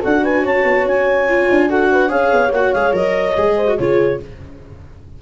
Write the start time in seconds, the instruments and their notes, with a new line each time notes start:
0.00 tuba D4, viola F#4, horn A4, clarinet F#5
0.23 horn B4, clarinet G#5
0.43 tuba C#4, horn C#5, clarinet A5
0.64 tuba B3
0.85 tuba C#4, clarinet G#5
1.29 viola F4
1.50 tuba D4
1.69 viola F#4, horn A4, clarinet F#5
1.92 horn B4
2.09 tuba C#4, viola G#4, horn C#5, clarinet F5
2.32 tuba B3
2.51 tuba A#3, viola F#4, clarinet F#5
2.73 tuba G#3, viola G#4, clarinet F5
2.92 tuba F#3, viola A#4, clarinet D#5
3.37 tuba G#3, viola G#4
3.56 horn C5
3.67 viola F#4
3.78 tuba C#3, viola F4, horn G#4, clarinet C#5